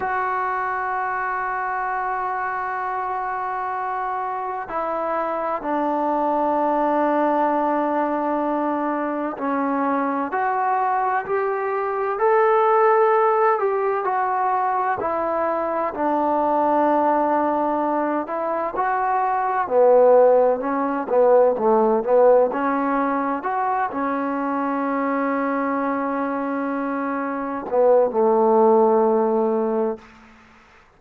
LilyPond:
\new Staff \with { instrumentName = "trombone" } { \time 4/4 \tempo 4 = 64 fis'1~ | fis'4 e'4 d'2~ | d'2 cis'4 fis'4 | g'4 a'4. g'8 fis'4 |
e'4 d'2~ d'8 e'8 | fis'4 b4 cis'8 b8 a8 b8 | cis'4 fis'8 cis'2~ cis'8~ | cis'4. b8 a2 | }